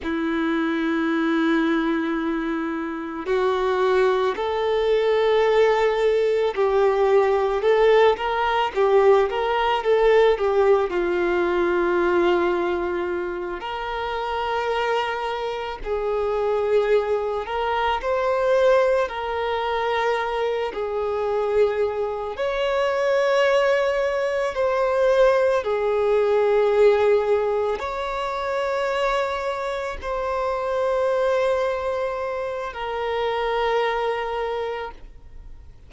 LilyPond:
\new Staff \with { instrumentName = "violin" } { \time 4/4 \tempo 4 = 55 e'2. fis'4 | a'2 g'4 a'8 ais'8 | g'8 ais'8 a'8 g'8 f'2~ | f'8 ais'2 gis'4. |
ais'8 c''4 ais'4. gis'4~ | gis'8 cis''2 c''4 gis'8~ | gis'4. cis''2 c''8~ | c''2 ais'2 | }